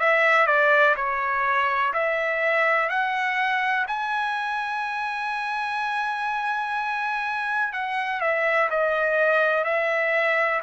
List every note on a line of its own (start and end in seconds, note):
0.00 0.47 E5
0.47 0.95 D5
0.96 1.93 C#5
1.94 2.89 E5
2.89 3.86 F#5
3.88 7.73 G#5
7.73 8.20 F#5
8.20 8.69 E5
8.70 9.64 D#5
9.64 10.61 E5